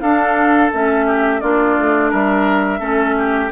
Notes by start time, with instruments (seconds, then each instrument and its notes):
0.00 bassoon D4, clarinet D4, oboe A4, flute F5
0.72 bassoon A3, clarinet C#4, flute E5
1.06 oboe G4
1.40 bassoon A#3, clarinet D4, oboe F4, flute D5
1.78 bassoon A3
2.10 bassoon G3, oboe A#4, flute E5
2.79 bassoon A3, clarinet C#4, oboe A4
3.18 oboe G4